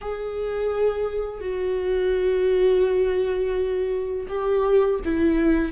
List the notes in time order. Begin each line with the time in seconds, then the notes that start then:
0.01 G#4
1.40 F#4
4.28 G4
5.04 E4